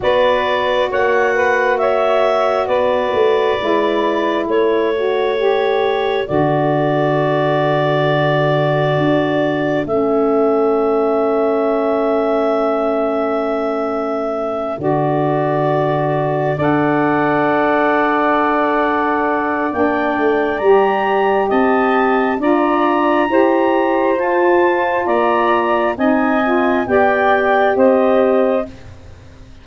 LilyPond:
<<
  \new Staff \with { instrumentName = "clarinet" } { \time 4/4 \tempo 4 = 67 d''4 fis''4 e''4 d''4~ | d''4 cis''2 d''4~ | d''2. e''4~ | e''1~ |
e''8 d''2 fis''4.~ | fis''2 g''4 ais''4 | a''4 ais''2 a''4 | ais''4 gis''4 g''4 dis''4 | }
  \new Staff \with { instrumentName = "saxophone" } { \time 4/4 b'4 cis''8 b'8 cis''4 b'4~ | b'4 a'2.~ | a'1~ | a'1~ |
a'2~ a'8 d''4.~ | d''1 | dis''4 d''4 c''2 | d''4 dis''4 d''4 c''4 | }
  \new Staff \with { instrumentName = "saxophone" } { \time 4/4 fis'1 | e'4. fis'8 g'4 fis'4~ | fis'2. cis'4~ | cis'1~ |
cis'8 fis'2 a'4.~ | a'2 d'4 g'4~ | g'4 f'4 g'4 f'4~ | f'4 dis'8 f'8 g'2 | }
  \new Staff \with { instrumentName = "tuba" } { \time 4/4 b4 ais2 b8 a8 | gis4 a2 d4~ | d2 d'4 a4~ | a1~ |
a8 d2 d'4.~ | d'2 ais8 a8 g4 | c'4 d'4 e'4 f'4 | ais4 c'4 b4 c'4 | }
>>